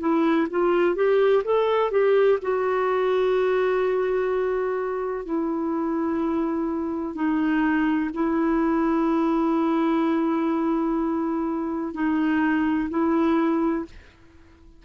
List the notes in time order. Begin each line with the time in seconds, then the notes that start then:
0.00 E4
0.50 F4
0.96 G4
1.45 A4
1.91 G4
2.42 F#4
5.25 E4
7.15 D#4
8.14 E4
11.94 D#4
12.90 E4